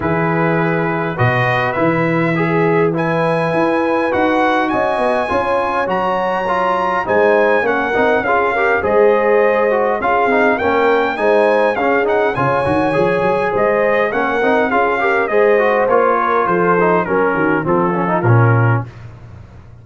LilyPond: <<
  \new Staff \with { instrumentName = "trumpet" } { \time 4/4 \tempo 4 = 102 b'2 dis''4 e''4~ | e''4 gis''2 fis''4 | gis''2 ais''2 | gis''4 fis''4 f''4 dis''4~ |
dis''4 f''4 g''4 gis''4 | f''8 fis''8 gis''2 dis''4 | fis''4 f''4 dis''4 cis''4 | c''4 ais'4 a'4 ais'4 | }
  \new Staff \with { instrumentName = "horn" } { \time 4/4 gis'2 b'2 | gis'4 b'2. | dis''4 cis''2. | c''4 ais'4 gis'8 ais'8 c''4~ |
c''4 gis'4 ais'4 c''4 | gis'4 cis''2 c''4 | ais'4 gis'8 ais'8 c''4. ais'8 | a'4 ais'8 fis'8 f'2 | }
  \new Staff \with { instrumentName = "trombone" } { \time 4/4 e'2 fis'4 e'4 | gis'4 e'2 fis'4~ | fis'4 f'4 fis'4 f'4 | dis'4 cis'8 dis'8 f'8 g'8 gis'4~ |
gis'8 fis'8 f'8 dis'8 cis'4 dis'4 | cis'8 dis'8 f'8 fis'8 gis'2 | cis'8 dis'8 f'8 g'8 gis'8 fis'8 f'4~ | f'8 dis'8 cis'4 c'8 cis'16 dis'16 cis'4 | }
  \new Staff \with { instrumentName = "tuba" } { \time 4/4 e2 b,4 e4~ | e2 e'4 dis'4 | cis'8 b8 cis'4 fis2 | gis4 ais8 c'8 cis'4 gis4~ |
gis4 cis'8 c'8 ais4 gis4 | cis'4 cis8 dis8 f8 fis8 gis4 | ais8 c'8 cis'4 gis4 ais4 | f4 fis8 dis8 f4 ais,4 | }
>>